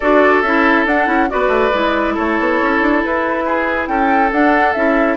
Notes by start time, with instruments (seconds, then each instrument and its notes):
0.00 bassoon D4, clarinet F#4, oboe A4, flute D5
0.42 bassoon C#4, clarinet E4, flute E5
0.86 bassoon D4, clarinet D4, flute F#5
1.06 bassoon C#4, clarinet E4
1.29 bassoon B3, clarinet F#4, oboe B4, flute D5
1.47 bassoon A3
1.73 bassoon G#3, clarinet E4
2.14 bassoon A3, oboe A4, flute C#5
2.39 bassoon B3
2.62 bassoon C#4
2.81 bassoon D4
3.04 bassoon E4, flute B4
3.45 oboe G#4
3.87 bassoon C#4, oboe A4, flute G5
4.31 clarinet D4, bassoon D4, flute F#5
4.73 bassoon C#4, clarinet E4, flute E5